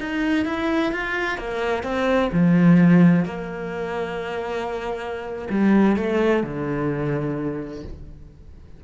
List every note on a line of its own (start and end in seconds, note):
0.00 0.45 D#4
0.45 0.92 E4
0.92 1.38 F4
1.38 1.83 A#3
1.83 2.30 C4
2.32 3.25 F3
3.25 5.48 A#3
5.50 5.97 G3
5.97 6.43 A3
6.43 7.84 D3